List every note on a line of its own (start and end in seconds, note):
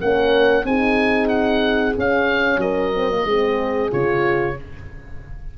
0.00 0.65 A#3
0.00 0.65 C#4
0.00 0.66 A#4
0.00 0.66 F#5
0.65 1.95 C4
0.65 1.96 D#4
0.65 2.61 G#4
0.65 1.29 G#5
1.29 1.94 F#5
1.98 2.95 C#4
1.98 2.57 C#4
1.98 2.61 F5
2.57 3.23 F#3
2.57 3.25 A#4
2.57 3.92 D#5
2.95 3.11 C4
3.11 3.27 A#3
3.25 3.91 G#3
3.25 3.91 C4
3.25 4.56 G#4
3.91 4.58 C#3
3.91 4.56 F4
3.91 4.58 C#5